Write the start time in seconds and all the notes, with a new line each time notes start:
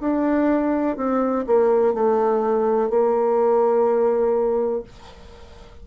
0.00 D4
0.96 C4
1.46 A#3
1.94 A3
2.89 A#3